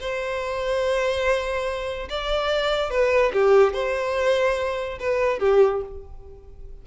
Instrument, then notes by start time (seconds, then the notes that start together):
violin
0.00 C5
2.09 D5
2.90 B4
3.33 G4
3.73 C5
4.99 B4
5.39 G4